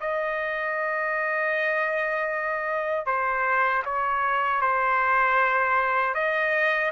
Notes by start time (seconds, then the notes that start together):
0.00 D#5
3.06 C5
3.85 C#5
4.61 C5
6.14 D#5